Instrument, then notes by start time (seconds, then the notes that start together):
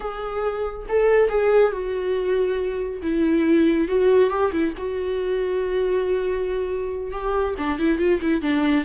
viola
0.00 G#4
0.88 A4
1.29 G#4
1.72 F#4
3.02 E4
3.87 F#4
4.30 G4
4.51 E4
4.77 F#4
7.11 G4
7.58 D4
7.79 E4
7.98 F4
8.21 E4
8.41 D4